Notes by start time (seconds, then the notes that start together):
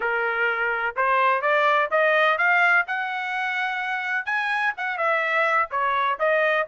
0.00 A#4
0.95 C5
1.41 D5
1.90 D#5
2.38 F5
2.87 F#5
4.25 G#5
4.77 F#5
4.97 E5
5.70 C#5
6.19 D#5